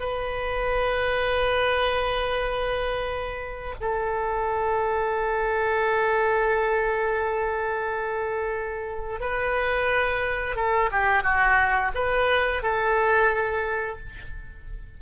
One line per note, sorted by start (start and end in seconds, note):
0.00 3.75 B4
3.81 9.20 A4
9.20 10.56 B4
10.56 10.90 A4
10.92 11.23 G4
11.23 11.92 F#4
11.95 12.63 B4
12.63 14.00 A4